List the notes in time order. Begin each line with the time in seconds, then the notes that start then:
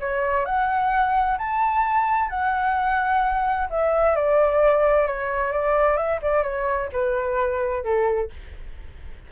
0.00 C#5
0.46 F#5
1.38 A5
2.30 F#5
3.70 E5
4.16 D5
5.07 C#5
5.52 D5
5.97 E5
6.22 D5
6.43 C#5
6.93 B4
7.84 A4